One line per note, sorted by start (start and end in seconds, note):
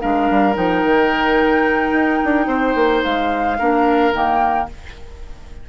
0.00 0.30 G#3
0.00 0.54 D4
0.00 2.47 A#4
0.00 0.55 F5
0.30 0.56 G3
0.54 0.84 F3
0.54 3.56 D#4
0.54 3.03 G5
0.84 1.92 D#3
1.92 2.19 D#4
2.24 2.47 D4
2.47 2.74 C4
2.47 3.57 C5
2.75 3.03 A#3
3.03 3.60 G#3
3.03 4.14 F5
3.58 4.13 A#3
3.58 4.13 D4
3.58 4.68 A#4
4.13 4.68 D#3
4.13 4.68 A#3
4.13 4.69 G5